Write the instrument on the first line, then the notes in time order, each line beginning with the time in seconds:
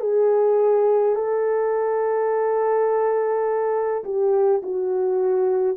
horn
0.00 G#4
1.15 A4
4.04 G4
4.62 F#4